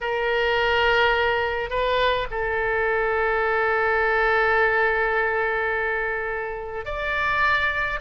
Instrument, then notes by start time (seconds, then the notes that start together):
oboe
0.01 A#4
1.70 B4
2.30 A4
6.85 D5